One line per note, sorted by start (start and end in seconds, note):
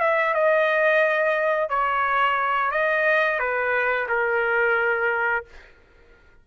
0.00 0.34 E5
0.34 1.69 D#5
1.69 2.71 C#5
2.71 3.39 D#5
3.39 4.07 B4
4.08 5.45 A#4